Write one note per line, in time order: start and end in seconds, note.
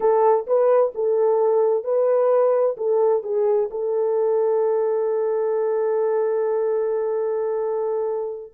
0.00 0.46 A4
0.46 0.92 B4
0.94 1.83 A4
1.83 2.76 B4
2.77 3.23 A4
3.23 3.69 G#4
3.70 8.53 A4